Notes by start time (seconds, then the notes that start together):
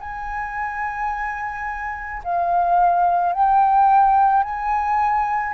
0.00 G#5
2.24 F5
3.33 G5
4.43 G#5